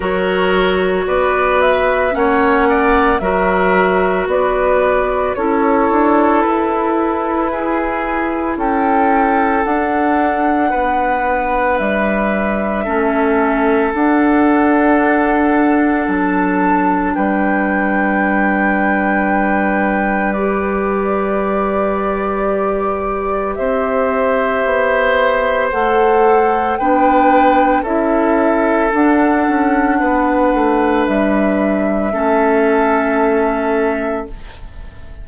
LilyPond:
<<
  \new Staff \with { instrumentName = "flute" } { \time 4/4 \tempo 4 = 56 cis''4 d''8 e''8 fis''4 e''4 | d''4 cis''4 b'2 | g''4 fis''2 e''4~ | e''4 fis''2 a''4 |
g''2. d''4~ | d''2 e''2 | fis''4 g''4 e''4 fis''4~ | fis''4 e''2. | }
  \new Staff \with { instrumentName = "oboe" } { \time 4/4 ais'4 b'4 cis''8 d''8 ais'4 | b'4 a'2 gis'4 | a'2 b'2 | a'1 |
b'1~ | b'2 c''2~ | c''4 b'4 a'2 | b'2 a'2 | }
  \new Staff \with { instrumentName = "clarinet" } { \time 4/4 fis'2 cis'4 fis'4~ | fis'4 e'2.~ | e'4 d'2. | cis'4 d'2.~ |
d'2. g'4~ | g'1 | a'4 d'4 e'4 d'4~ | d'2 cis'2 | }
  \new Staff \with { instrumentName = "bassoon" } { \time 4/4 fis4 b4 ais4 fis4 | b4 cis'8 d'8 e'2 | cis'4 d'4 b4 g4 | a4 d'2 fis4 |
g1~ | g2 c'4 b4 | a4 b4 cis'4 d'8 cis'8 | b8 a8 g4 a2 | }
>>